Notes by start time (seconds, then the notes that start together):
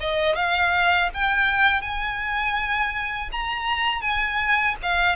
0.00 D#5
0.35 F5
1.13 G5
1.81 G#5
3.31 A#5
4.01 G#5
4.82 F5